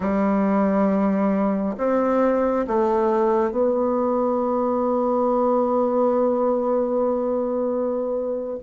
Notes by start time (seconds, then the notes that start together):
0.00 G3
1.77 C4
2.67 A3
3.51 B3